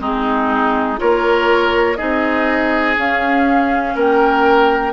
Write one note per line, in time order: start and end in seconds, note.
0.00 0.98 G#3
0.00 0.97 C4
0.00 1.00 D#4
0.00 1.00 G#4
0.97 2.00 A#3
0.97 1.96 F4
0.97 1.97 A#4
0.97 1.96 C#5
1.96 2.97 C4
1.96 2.96 D#4
1.96 3.94 G#4
1.96 2.94 D#5
2.97 4.93 C#4
2.97 3.95 C#4
2.97 3.97 F5
3.95 4.93 A#3
3.95 4.93 A#4
3.95 4.93 G5